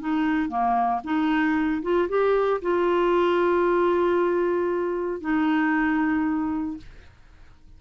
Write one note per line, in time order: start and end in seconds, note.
0.00 0.49 D#4
0.49 1.01 A#3
1.04 1.82 D#4
1.83 2.09 F4
2.09 2.61 G4
2.62 5.21 F4
5.21 6.78 D#4